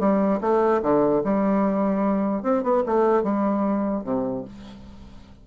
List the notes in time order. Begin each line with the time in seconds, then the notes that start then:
0.00 G3
0.41 A3
0.83 D3
1.24 G3
2.43 C4
2.64 B3
2.86 A3
3.24 G3
4.04 C3